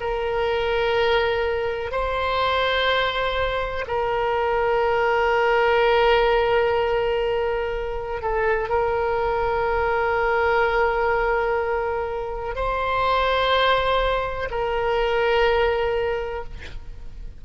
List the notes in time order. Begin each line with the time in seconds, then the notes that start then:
0.00 A#4
1.92 C5
3.88 A#4
8.22 A4
8.69 A#4
12.55 C5
14.51 A#4